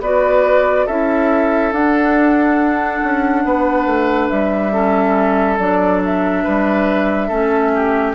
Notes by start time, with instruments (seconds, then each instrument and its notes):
0.00 bassoon B3, clarinet F#4, oboe B4, flute D5
0.86 bassoon C#4, clarinet E4, oboe A4, flute E5
1.72 bassoon D4, clarinet D4, flute F#5
3.03 bassoon C#4
3.44 bassoon B3, oboe B4
3.86 bassoon A3
4.29 bassoon G3, flute E5
4.72 clarinet C#4, oboe A4
5.58 bassoon F#3, clarinet D4, flute D5
6.04 flute E5
6.44 bassoon G3, oboe B4
7.27 bassoon A3, clarinet C#4, oboe A4
7.75 oboe G4